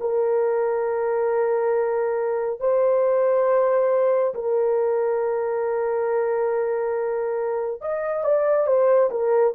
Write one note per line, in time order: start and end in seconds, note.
0.00 2.60 A#4
2.60 4.34 C5
4.34 7.81 A#4
7.81 8.24 D#5
8.24 8.66 D5
8.66 9.10 C5
9.10 9.53 A#4